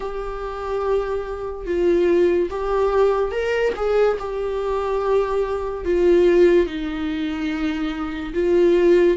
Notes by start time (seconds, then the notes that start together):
0.00 G4
1.66 F4
2.50 G4
3.31 A#4
3.76 G#4
4.19 G4
5.84 F4
6.66 D#4
8.33 F4